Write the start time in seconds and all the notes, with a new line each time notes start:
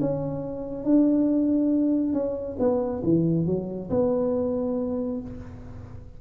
0.00 C#4
0.84 D4
2.13 C#4
2.59 B3
3.03 E3
3.46 F#3
3.90 B3